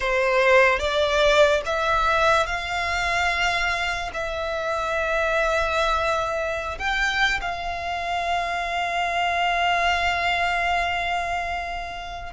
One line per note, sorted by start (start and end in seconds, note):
0.00 0.79 C5
0.79 1.61 D5
1.65 2.46 E5
2.46 4.10 F5
4.13 6.78 E5
6.78 7.40 G5
7.41 12.33 F5